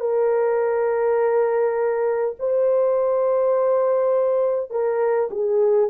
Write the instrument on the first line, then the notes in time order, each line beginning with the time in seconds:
horn
0.00 A#4
2.40 C5
4.70 A#4
5.31 G#4